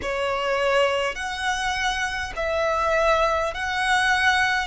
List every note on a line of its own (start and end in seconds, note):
0.02 1.15 C#5
1.15 2.33 F#5
2.36 3.53 E5
3.53 4.67 F#5